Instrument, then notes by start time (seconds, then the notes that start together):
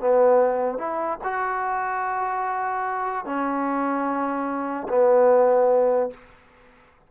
trombone
0.00 B3
0.78 E4
1.23 F#4
3.25 C#4
4.88 B3